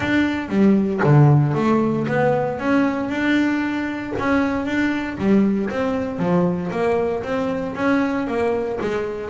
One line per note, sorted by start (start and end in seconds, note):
0.00 0.48 D4
0.48 1.00 G3
1.03 1.54 D3
1.54 2.06 A3
2.07 2.59 B3
2.59 3.09 C#4
3.09 4.12 D4
4.18 4.65 C#4
4.65 5.17 D4
5.18 5.69 G3
5.70 6.19 C4
6.19 6.70 F3
6.71 7.22 A#3
7.23 7.74 C4
7.75 8.27 C#4
8.27 8.78 A#3
8.81 9.30 G#3